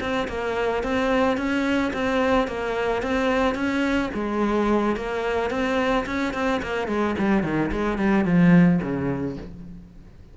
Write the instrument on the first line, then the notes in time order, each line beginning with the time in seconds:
cello
0.00 C4
0.28 A#3
0.83 C4
1.37 C#4
1.93 C4
2.48 A#3
3.02 C4
3.55 C#4
4.14 G#3
4.96 A#3
5.50 C4
6.06 C#4
6.34 C4
6.63 A#3
6.88 G#3
7.18 G3
7.43 D#3
7.71 G#3
7.98 G3
8.25 F3
8.82 C#3